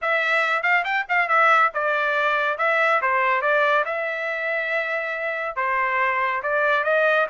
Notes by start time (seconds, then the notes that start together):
0.01 E5
0.62 F5
0.84 G5
1.09 F5
1.28 E5
1.74 D5
2.58 E5
3.01 C5
3.41 D5
3.85 E5
5.56 C5
6.42 D5
6.84 D#5